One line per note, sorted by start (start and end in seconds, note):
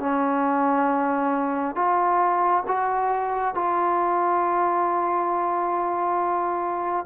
0.00 1.76 C#4
1.76 2.64 F4
2.68 3.55 F#4
3.55 7.06 F4